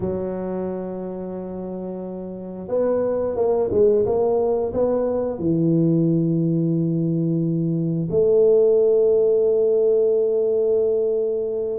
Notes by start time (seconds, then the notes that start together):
0.00 F#3
2.68 B3
3.35 A#3
3.71 G#3
4.05 A#3
4.73 B3
5.38 E3
8.10 A3